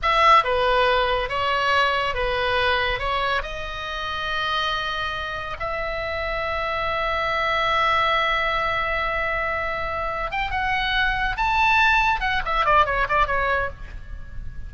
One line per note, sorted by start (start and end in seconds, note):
0.02 0.44 E5
0.44 1.29 B4
1.29 2.14 C#5
2.14 2.99 B4
2.99 3.42 C#5
3.42 5.56 D#5
5.59 10.31 E5
10.31 10.50 G5
10.50 11.36 F#5
11.36 12.20 A5
12.20 12.41 F#5
12.45 12.65 E5
12.65 12.85 D5
12.85 13.07 C#5
13.08 13.26 D5
13.26 13.69 C#5